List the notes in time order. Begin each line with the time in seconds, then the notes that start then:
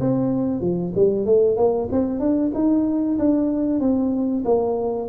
0.00 C4
0.61 F3
0.95 G3
1.26 A3
1.57 A#3
1.91 C4
2.19 D4
2.54 D#4
3.19 D4
3.80 C4
4.44 A#3